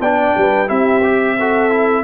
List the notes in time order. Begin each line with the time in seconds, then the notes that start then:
0.00 B3 D4 D5 G5
0.37 G3 B4
0.67 C4 E4 G4 E5
1.03 G4
1.39 F#4 A4
1.71 E4